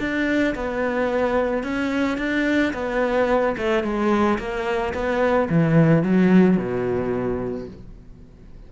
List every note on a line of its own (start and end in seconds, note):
0.00 0.55 D4
0.55 1.64 B3
1.64 2.18 C#4
2.18 2.73 D4
2.74 3.56 B3
3.58 3.84 A3
3.84 4.39 G#3
4.39 4.94 A#3
4.94 5.49 B3
5.50 6.03 E3
6.03 6.58 F#3
6.58 7.68 B2